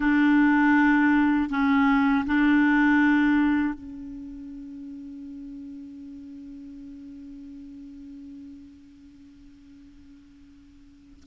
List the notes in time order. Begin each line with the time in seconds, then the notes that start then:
0.00 D4
1.49 C#4
2.25 D4
3.74 C#4